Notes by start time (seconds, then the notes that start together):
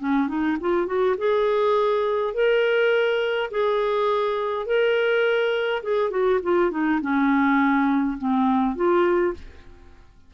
0.00 C#4
0.28 D#4
0.61 F4
0.87 F#4
1.18 G#4
2.34 A#4
3.51 G#4
4.66 A#4
5.83 G#4
6.11 F#4
6.43 F4
6.71 D#4
7.01 C#4
8.18 C4
8.76 F4